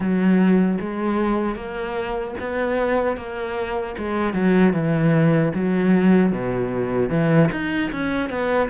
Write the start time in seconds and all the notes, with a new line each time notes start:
0.00 F#3
0.80 G#3
1.55 A#3
2.39 B3
3.17 A#3
3.98 G#3
4.33 F#3
4.73 E3
5.54 F#3
6.32 B2
7.09 E3
7.51 D#4
7.91 C#4
8.29 B3